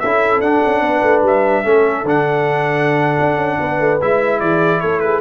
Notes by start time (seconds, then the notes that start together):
0.00 C#4 E4 A4 E5
0.40 D4 F#5
0.66 C#4
0.81 B3 B4
1.03 A3
1.22 G3 E5
1.64 A3 C#4 A4
2.04 D3 D4 F#5
3.21 D4
3.37 C#4
3.59 B3 B4
3.80 A3
4.02 G#3 E4 E5
4.41 E3 G#4 D5
4.81 A3 A4 C#5
5.00 G#4 B4